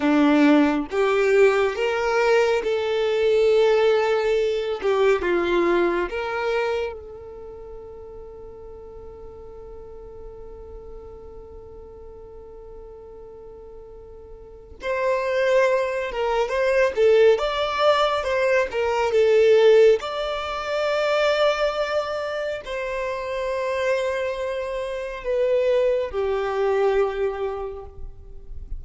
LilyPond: \new Staff \with { instrumentName = "violin" } { \time 4/4 \tempo 4 = 69 d'4 g'4 ais'4 a'4~ | a'4. g'8 f'4 ais'4 | a'1~ | a'1~ |
a'4 c''4. ais'8 c''8 a'8 | d''4 c''8 ais'8 a'4 d''4~ | d''2 c''2~ | c''4 b'4 g'2 | }